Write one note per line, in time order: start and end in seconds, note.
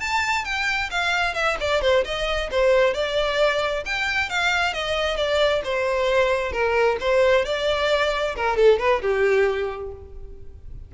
0.00 0.45 A5
0.45 0.90 G5
0.91 1.35 F5
1.35 1.57 E5
1.61 1.82 D5
1.82 2.04 C5
2.05 2.50 D#5
2.51 2.94 C5
2.94 3.84 D5
3.86 4.30 G5
4.30 4.74 F5
4.74 5.17 D#5
5.17 5.62 D5
5.65 6.52 C5
6.52 6.97 A#4
7.00 7.45 C5
7.45 8.36 D5
8.36 8.57 A#4
8.57 8.79 A4
8.79 9.02 B4
9.02 9.92 G4